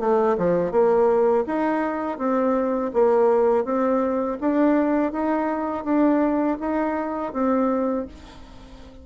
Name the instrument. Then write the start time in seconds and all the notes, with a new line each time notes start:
bassoon
0.00 A3
0.38 F3
0.72 A#3
1.46 D#4
2.18 C4
2.93 A#3
3.65 C4
4.41 D4
5.12 D#4
5.84 D4
6.60 D#4
7.33 C4